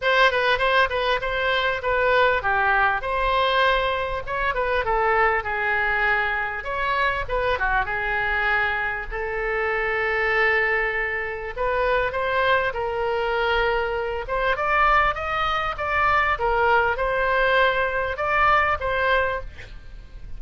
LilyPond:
\new Staff \with { instrumentName = "oboe" } { \time 4/4 \tempo 4 = 99 c''8 b'8 c''8 b'8 c''4 b'4 | g'4 c''2 cis''8 b'8 | a'4 gis'2 cis''4 | b'8 fis'8 gis'2 a'4~ |
a'2. b'4 | c''4 ais'2~ ais'8 c''8 | d''4 dis''4 d''4 ais'4 | c''2 d''4 c''4 | }